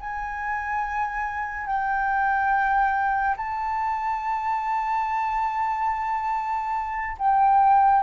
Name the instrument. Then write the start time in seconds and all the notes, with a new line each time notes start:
flute
0.00 G#5
1.66 G5
3.36 A5
7.18 G5